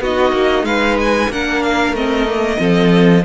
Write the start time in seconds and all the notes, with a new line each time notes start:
0.00 B3 D#4 F#4 D#5
0.32 A#3
0.63 G#3 B4 F5
1.00 G#5
1.29 A#3 D4 A#4 F#5
1.63 F5
1.93 A3 C4 D#5
2.27 A#3
2.58 F3 C4 A4